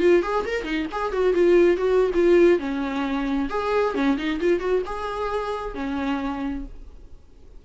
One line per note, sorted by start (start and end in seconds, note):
0.00 0.23 F4
0.23 0.45 G#4
0.46 0.64 A#4
0.64 0.87 D#4
0.92 1.13 G#4
1.13 1.34 F#4
1.34 1.77 F4
1.77 2.11 F#4
2.14 2.59 F4
2.59 3.49 C#4
3.50 3.95 G#4
3.95 4.17 C#4
4.17 4.40 D#4
4.40 4.60 F4
4.60 4.82 F#4
4.86 5.75 G#4
5.75 6.65 C#4